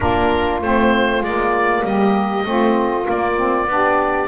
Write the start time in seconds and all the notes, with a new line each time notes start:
0.00 A#3 D4 F4 A#4
0.61 A3 C4 C5
1.20 G#3 A#3 D5
1.84 G3 G4 D#5
2.44 A3 C4 F4
3.03 A#3
3.10 D5
3.36 C4
3.66 B3 D4 G4